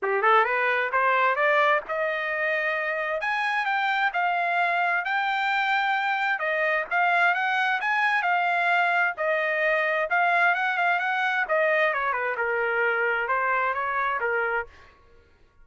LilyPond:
\new Staff \with { instrumentName = "trumpet" } { \time 4/4 \tempo 4 = 131 g'8 a'8 b'4 c''4 d''4 | dis''2. gis''4 | g''4 f''2 g''4~ | g''2 dis''4 f''4 |
fis''4 gis''4 f''2 | dis''2 f''4 fis''8 f''8 | fis''4 dis''4 cis''8 b'8 ais'4~ | ais'4 c''4 cis''4 ais'4 | }